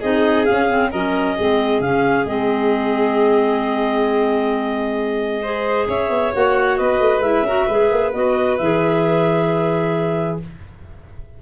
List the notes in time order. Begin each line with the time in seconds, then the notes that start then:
0.00 C4 D#4 G#4 D#5
0.45 C#4 F5
0.69 C4
0.91 F#3 C#4 A#4 D#5
1.36 G#3 C4 G#4
1.80 C#3 C#4 F5
2.26 G#3 C4 D#5
5.42 G#4 C5
5.88 C#4 C#5 E5
6.10 B3
6.33 A#3 F#4 F#5
6.77 B3 B4 D#5
7.00 A3
7.20 G#3 E4 E5
7.43 C#4 F#4 A#4
7.67 G#3 G#4 B4
7.91 A#3
8.13 B3 F#4 D#5
8.57 E3 G#4 E5